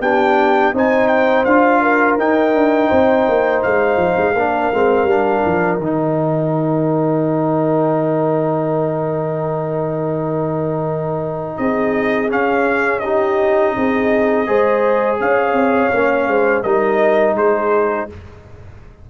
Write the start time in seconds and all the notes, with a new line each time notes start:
0.00 B3 D4 G4 G5
0.73 C4 D#4 C5 G#5
1.07 G5
1.44 D4 F4 F5
1.81 A#4
2.18 D#4 G5
2.54 D4
2.88 C4 C5
3.28 A#3
3.62 G#3 F5
3.96 F3
4.17 G#3
4.33 A#3 D4 A#4
4.73 G#3 C4
5.03 G3 D4
5.45 F3
5.78 D#3 D#4 G5
11.56 C4 G#4 D#5
12.29 C#4 F5
12.99 D#4 G4 D#5
13.75 C4 G#4
14.46 G#3 G#4 C5
15.20 C#4 C#5 F5
15.52 C4
15.92 A#3 C#4
16.27 G#3 C5
16.63 G3 D#4 A#4 D#5
17.34 G#3 G#4 C5